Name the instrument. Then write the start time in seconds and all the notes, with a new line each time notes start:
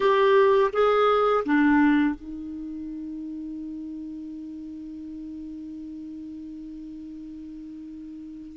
clarinet
0.00 G4
0.72 G#4
1.45 D4
2.15 D#4